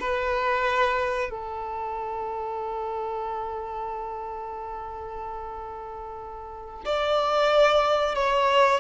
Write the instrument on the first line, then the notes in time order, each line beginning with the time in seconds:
violin
0.00 B4
1.30 A4
6.85 D5
8.15 C#5